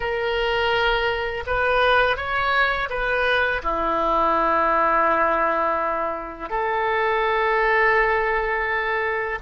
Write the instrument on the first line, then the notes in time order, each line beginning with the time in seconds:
oboe
0.00 A#4
1.46 B4
2.16 C#5
2.89 B4
3.62 E4
6.49 A4